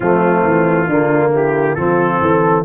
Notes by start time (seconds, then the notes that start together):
0.00 F3 A3 C4 F4
0.44 E3
0.87 D3 A#3 D4
1.33 E4 G4
1.74 F3 C4 F4 A4
2.20 E3 A4